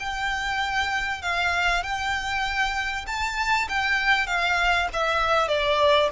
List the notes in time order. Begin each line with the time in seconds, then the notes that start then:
0.00 G5
1.22 F5
1.83 G5
3.07 A5
3.69 G5
4.27 F5
4.93 E5
5.48 D5